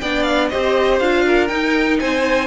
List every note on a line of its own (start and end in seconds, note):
0.00 0.51 B3
0.00 0.51 D4
0.00 0.50 D5
0.00 0.22 G5
0.22 0.47 F5
0.48 1.00 C4
0.48 1.01 G4
0.48 1.24 C5
0.48 0.98 D#5
0.99 1.50 D4
0.99 1.48 F4
0.99 1.47 F5
1.25 1.99 A#4
1.47 2.47 D#4
1.47 1.99 D#4
1.47 1.97 G5
1.99 2.47 C4
1.99 2.47 C5
1.99 2.47 G#5